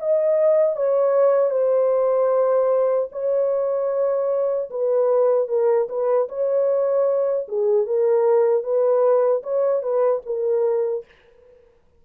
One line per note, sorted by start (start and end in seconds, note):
0.00 0.76 D#5
0.76 1.51 C#5
1.51 3.09 C5
3.12 4.70 C#5
4.70 5.49 B4
5.49 5.88 A#4
5.89 6.29 B4
6.29 7.47 C#5
7.49 7.86 G#4
7.86 8.64 A#4
8.64 9.43 B4
9.43 9.83 C#5
9.83 10.22 B4
10.26 11.05 A#4